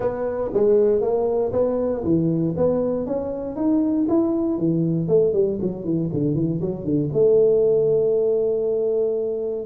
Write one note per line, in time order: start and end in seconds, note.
0.00 0.51 B3
0.53 1.01 G#3
1.01 1.52 A#3
1.52 2.03 B3
2.04 2.54 E3
2.57 3.06 B3
3.06 3.55 C#4
3.55 4.06 D#4
4.09 4.58 E4
4.58 5.08 E3
5.08 5.33 A3
5.33 5.58 G3
5.61 5.84 F#3
5.84 6.09 E3
6.13 6.34 D3
6.34 6.60 E3
6.61 6.84 F#3
6.84 7.09 D3
7.13 9.65 A3